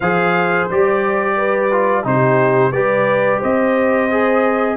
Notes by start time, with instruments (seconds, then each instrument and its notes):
0.00 tuba F3, trombone G#4, horn C5, trumpet F5
0.69 tuba G3, trombone G4, trumpet D5
1.36 horn B4
1.71 trombone F4
2.03 tuba C3, trombone D#4, horn G4, trumpet C5
2.71 tuba G3, trombone G4, horn B4, trumpet D5
3.39 tuba C4, horn C5, trumpet D#5
4.11 trombone G#4